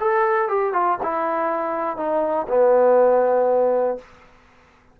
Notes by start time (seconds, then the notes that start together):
0.00 A4
0.48 G4
0.73 F4
1.03 E4
1.97 D#4
2.48 B3